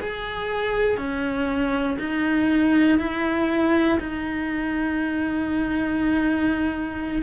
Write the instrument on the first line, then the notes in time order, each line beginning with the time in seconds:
cello
0.00 G#4
0.97 C#4
1.99 D#4
2.98 E4
4.00 D#4